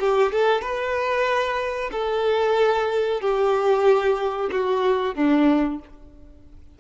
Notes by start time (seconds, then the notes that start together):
0.00 G4
0.32 A4
0.61 B4
1.92 A4
3.21 G4
4.52 F#4
5.15 D4